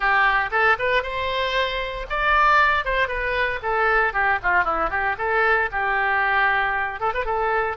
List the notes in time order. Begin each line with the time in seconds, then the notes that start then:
0.00 G4
0.51 A4
0.79 B4
1.03 C5
2.09 D5
2.84 C5
3.08 B4
3.62 A4
4.13 G4
4.42 F4
4.64 E4
4.90 G4
5.17 A4
5.71 G4
7.00 A4
7.14 B4
7.25 A4